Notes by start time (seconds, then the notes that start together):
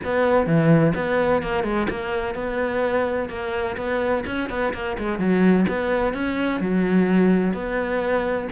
0.04 B3
0.46 E3
0.95 B3
1.42 A#3
1.63 G#3
1.89 A#3
2.34 B3
3.29 A#3
3.76 B3
4.26 C#4
4.49 B3
4.73 A#3
4.98 G#3
5.18 F#3
5.68 B3
6.13 C#4
6.60 F#3
7.53 B3